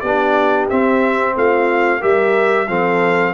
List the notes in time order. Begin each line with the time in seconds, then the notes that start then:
0.00 B3 G4 D5
0.06 D4
0.70 C4 E5
1.36 A3 F4 F5
2.00 G3 G4 A#4 E5
2.68 F3 C4 A4 F5